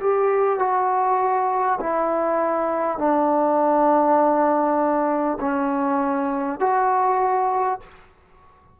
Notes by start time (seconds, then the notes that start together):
0.00 G4
0.59 F#4
1.80 E4
2.98 D4
5.41 C#4
6.59 F#4